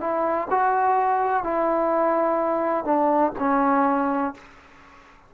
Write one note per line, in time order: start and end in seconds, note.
0.00 0.48 E4
0.50 1.43 F#4
1.43 2.84 E4
2.84 3.32 D4
3.39 4.34 C#4